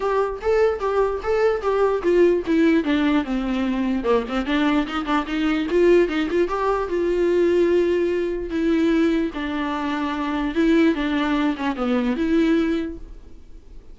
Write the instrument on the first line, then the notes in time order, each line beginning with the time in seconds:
viola
0.00 G4
0.41 A4
0.79 G4
1.23 A4
1.61 G4
2.02 F4
2.46 E4
2.83 D4
3.24 C4
4.03 A#3
4.28 C4
4.45 D4
4.86 D#4
5.05 D4
5.26 D#4
5.70 F4
6.08 D#4
6.30 F4
6.48 G4
6.88 F4
8.50 E4
9.34 D4
10.54 E4
10.94 D4
11.57 C#4
11.76 B3
12.16 E4